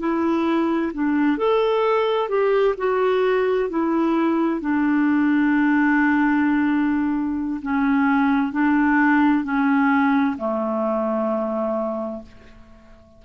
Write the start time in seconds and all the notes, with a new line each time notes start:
0.00 E4
0.94 D4
1.38 A4
2.29 G4
2.78 F#4
3.70 E4
4.61 D4
7.62 C#4
8.53 D4
9.44 C#4
10.38 A3